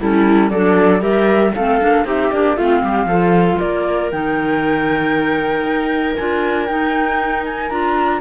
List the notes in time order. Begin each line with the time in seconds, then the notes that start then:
0.00 G3 C#4 E4 A4
0.50 F#3 D4 A4 D5
1.00 G3 G4 A#4 E5
1.54 A3 C4 A4 F5
1.80 A#3 D4
2.04 C4 D#4 G4 E5
2.31 A#3 D4 D5
2.56 A3 C4 F4 F5
2.83 G3 G4
3.05 F3 F4 A4
3.59 A#3 A#4 D5
4.11 D#3 D#4 G5
5.63 D#4
6.15 D4 F4 G#5
6.66 D#4 G5
7.45 G#5
7.70 D4 F4 A#5